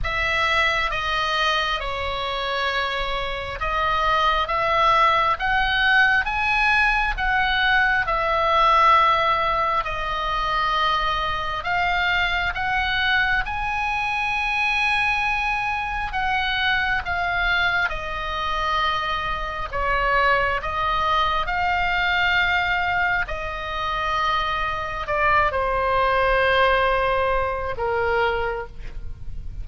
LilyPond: \new Staff \with { instrumentName = "oboe" } { \time 4/4 \tempo 4 = 67 e''4 dis''4 cis''2 | dis''4 e''4 fis''4 gis''4 | fis''4 e''2 dis''4~ | dis''4 f''4 fis''4 gis''4~ |
gis''2 fis''4 f''4 | dis''2 cis''4 dis''4 | f''2 dis''2 | d''8 c''2~ c''8 ais'4 | }